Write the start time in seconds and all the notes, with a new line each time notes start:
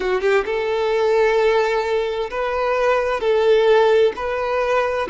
0.00 F#4
0.21 G4
0.45 A4
2.30 B4
3.20 A4
4.15 B4